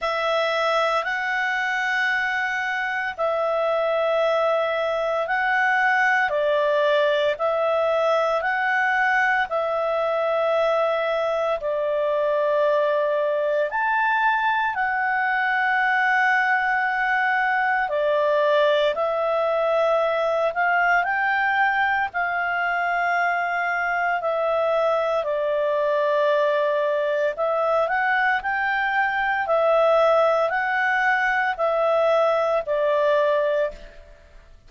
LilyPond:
\new Staff \with { instrumentName = "clarinet" } { \time 4/4 \tempo 4 = 57 e''4 fis''2 e''4~ | e''4 fis''4 d''4 e''4 | fis''4 e''2 d''4~ | d''4 a''4 fis''2~ |
fis''4 d''4 e''4. f''8 | g''4 f''2 e''4 | d''2 e''8 fis''8 g''4 | e''4 fis''4 e''4 d''4 | }